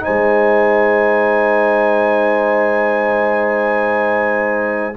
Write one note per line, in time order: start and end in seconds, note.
0.00 4.93 D#4
0.00 4.96 C5
0.00 4.96 G#5
0.07 4.97 G#3